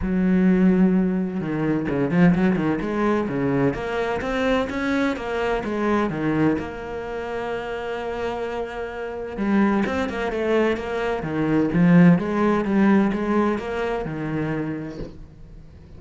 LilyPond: \new Staff \with { instrumentName = "cello" } { \time 4/4 \tempo 4 = 128 fis2. dis4 | cis8 f8 fis8 dis8 gis4 cis4 | ais4 c'4 cis'4 ais4 | gis4 dis4 ais2~ |
ais1 | g4 c'8 ais8 a4 ais4 | dis4 f4 gis4 g4 | gis4 ais4 dis2 | }